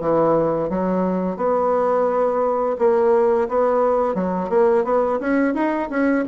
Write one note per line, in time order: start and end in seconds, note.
0.00 0.69 E3
0.69 1.37 F#3
1.37 2.76 B3
2.78 3.48 A#3
3.49 4.15 B3
4.15 4.49 F#3
4.49 4.85 A#3
4.85 5.19 B3
5.20 5.54 C#4
5.54 5.89 D#4
5.90 6.25 C#4